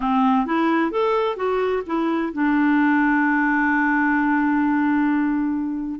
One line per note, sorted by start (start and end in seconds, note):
0.00 0.46 C4
0.46 0.91 E4
0.91 1.36 A4
1.36 1.82 F#4
1.86 2.32 E4
2.32 6.00 D4